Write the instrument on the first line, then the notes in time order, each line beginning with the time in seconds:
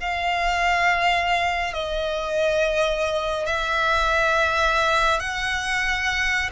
violin
0.00 F5
1.74 D#5
3.46 E5
5.20 F#5